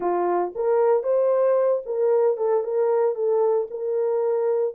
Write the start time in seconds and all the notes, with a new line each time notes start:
0.00 F4
0.55 A#4
1.03 C5
1.85 A#4
2.37 A4
2.63 A#4
3.15 A4
3.70 A#4